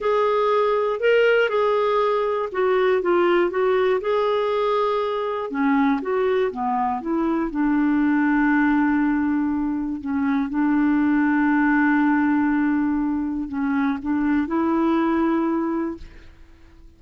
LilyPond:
\new Staff \with { instrumentName = "clarinet" } { \time 4/4 \tempo 4 = 120 gis'2 ais'4 gis'4~ | gis'4 fis'4 f'4 fis'4 | gis'2. cis'4 | fis'4 b4 e'4 d'4~ |
d'1 | cis'4 d'2.~ | d'2. cis'4 | d'4 e'2. | }